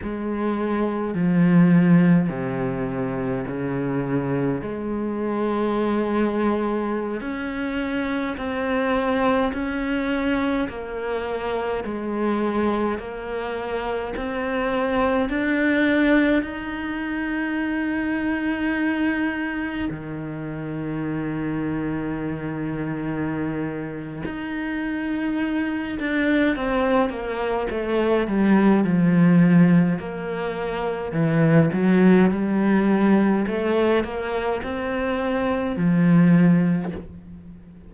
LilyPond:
\new Staff \with { instrumentName = "cello" } { \time 4/4 \tempo 4 = 52 gis4 f4 c4 cis4 | gis2~ gis16 cis'4 c'8.~ | c'16 cis'4 ais4 gis4 ais8.~ | ais16 c'4 d'4 dis'4.~ dis'16~ |
dis'4~ dis'16 dis2~ dis8.~ | dis4 dis'4. d'8 c'8 ais8 | a8 g8 f4 ais4 e8 fis8 | g4 a8 ais8 c'4 f4 | }